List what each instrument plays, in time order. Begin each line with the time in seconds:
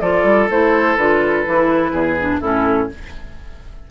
0.00 bassoon F3, clarinet F4, oboe A4, flute D5
0.23 bassoon G3
0.50 bassoon A3, clarinet E4, flute C5
0.96 bassoon D3, clarinet F4, flute B4
1.45 bassoon E3, clarinet E4
1.91 bassoon E2, oboe G#4
2.19 clarinet D4
2.40 bassoon A2, clarinet C#4, oboe E4, flute A4